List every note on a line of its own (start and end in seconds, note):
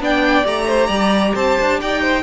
0.00 0.44 B3
0.00 0.44 D4
0.00 0.67 D5
0.00 0.47 G5
0.44 0.89 A3
0.44 2.22 G4
0.44 1.36 A#5
0.67 0.87 C5
0.87 1.33 G3
0.87 1.32 D5
1.35 1.57 C4
1.35 1.80 C5
1.35 1.80 A5
1.60 1.82 D4
1.81 2.23 D#4
1.81 2.02 D5
1.81 2.23 G5
2.02 2.23 C5